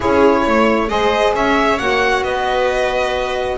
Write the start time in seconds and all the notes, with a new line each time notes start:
0.00 C#4 E4 G#4 C#5
0.45 A3 C#5
0.87 G#3 G#4 C5 D#5
1.33 C#4 C#5 E5
1.78 A#3 F#4 F#5
2.21 B3 B4 D#5